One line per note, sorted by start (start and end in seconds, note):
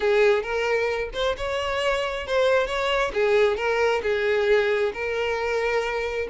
0.00 0.42 G#4
0.42 1.09 A#4
1.13 1.36 C5
1.37 2.27 C#5
2.27 2.66 C5
2.66 3.11 C#5
3.13 3.56 G#4
3.56 4.01 A#4
4.02 4.92 G#4
4.93 6.28 A#4